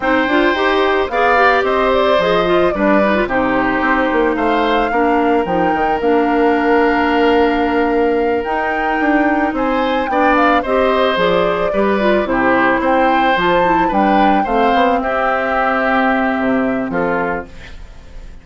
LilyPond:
<<
  \new Staff \with { instrumentName = "flute" } { \time 4/4 \tempo 4 = 110 g''2 f''4 dis''8 d''8 | dis''4 d''4 c''2 | f''2 g''4 f''4~ | f''2.~ f''8 g''8~ |
g''4. gis''4 g''8 f''8 dis''8~ | dis''8 d''2 c''4 g''8~ | g''8 a''4 g''4 f''4 e''8~ | e''2. a'4 | }
  \new Staff \with { instrumentName = "oboe" } { \time 4/4 c''2 d''4 c''4~ | c''4 b'4 g'2 | c''4 ais'2.~ | ais'1~ |
ais'4. c''4 d''4 c''8~ | c''4. b'4 g'4 c''8~ | c''4. b'4 c''4 g'8~ | g'2. f'4 | }
  \new Staff \with { instrumentName = "clarinet" } { \time 4/4 dis'8 f'8 g'4 gis'8 g'4. | gis'8 f'8 d'8 dis'16 f'16 dis'2~ | dis'4 d'4 dis'4 d'4~ | d'2.~ d'8 dis'8~ |
dis'2~ dis'8 d'4 g'8~ | g'8 gis'4 g'8 f'8 e'4.~ | e'8 f'8 e'8 d'4 c'4.~ | c'1 | }
  \new Staff \with { instrumentName = "bassoon" } { \time 4/4 c'8 d'8 dis'4 b4 c'4 | f4 g4 c4 c'8 ais8 | a4 ais4 f8 dis8 ais4~ | ais2.~ ais8 dis'8~ |
dis'8 d'4 c'4 b4 c'8~ | c'8 f4 g4 c4 c'8~ | c'8 f4 g4 a8 b8 c'8~ | c'2 c4 f4 | }
>>